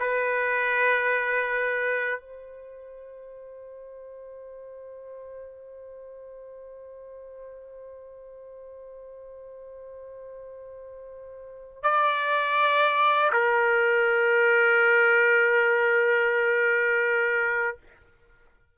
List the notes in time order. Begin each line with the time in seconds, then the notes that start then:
0.00 B4
2.21 C5
11.84 D5
13.33 A#4